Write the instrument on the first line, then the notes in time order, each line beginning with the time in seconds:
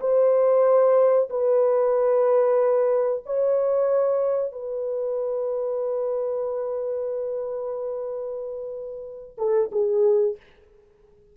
horn
0.00 C5
1.30 B4
3.26 C#5
4.52 B4
9.38 A4
9.72 G#4